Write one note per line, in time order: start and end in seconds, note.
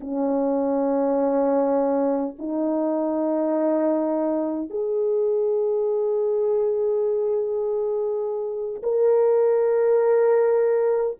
0.00 2.35 C#4
2.39 4.70 D#4
4.70 8.82 G#4
8.82 11.18 A#4